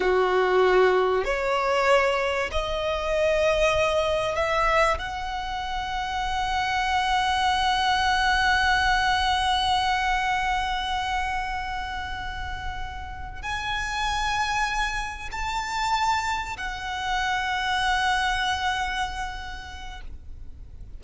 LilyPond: \new Staff \with { instrumentName = "violin" } { \time 4/4 \tempo 4 = 96 fis'2 cis''2 | dis''2. e''4 | fis''1~ | fis''1~ |
fis''1~ | fis''4. gis''2~ gis''8~ | gis''8 a''2 fis''4.~ | fis''1 | }